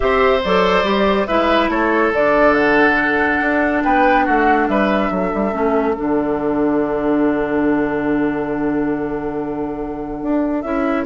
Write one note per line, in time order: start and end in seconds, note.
0.00 0.44 C4
0.00 0.39 G4
0.00 1.27 C5
0.00 0.41 E5
0.44 0.83 F#3
0.44 0.83 A4
0.44 1.26 D5
0.83 1.25 G3
0.83 1.26 G4
1.26 1.68 G#3
1.26 2.13 E4
1.26 1.70 B4
1.26 1.69 E5
1.68 2.11 A3
1.68 3.83 A4
1.68 2.12 C#5
2.13 3.40 D3
2.13 5.52 D4
2.13 2.54 D5
2.54 3.82 F#5
3.41 3.83 D4
3.83 4.27 B3
3.83 4.25 B4
3.83 4.25 G5
4.25 4.68 A3
4.25 4.67 F#4
4.25 4.67 F#5
4.68 5.10 G3
4.68 5.12 B4
4.68 5.94 E5
5.10 5.31 F#3
5.10 11.05 A4
5.33 5.53 G3
5.52 5.95 A3
5.52 5.94 C#4
5.94 10.64 D4
5.94 10.61 F#5
6.00 10.22 D3
10.22 10.63 D4
10.61 11.05 C#4
10.61 11.05 E4
10.61 11.04 E5